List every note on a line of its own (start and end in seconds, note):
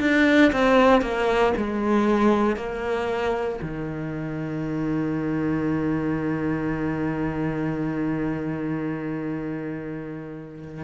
0.00 0.52 D4
0.52 1.02 C4
1.02 1.53 A#3
1.58 2.57 G#3
2.57 3.60 A#3
3.62 10.84 D#3